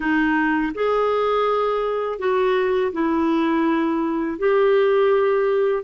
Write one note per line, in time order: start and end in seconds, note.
0.00 0.73 D#4
0.74 2.18 G#4
2.18 2.91 F#4
2.92 4.38 E4
4.38 5.83 G4